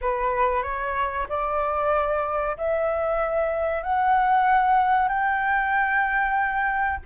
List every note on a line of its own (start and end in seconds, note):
0.01 0.62 B4
0.62 1.26 C#5
1.29 2.56 D5
2.57 3.83 E5
3.83 5.08 F#5
5.08 6.99 G5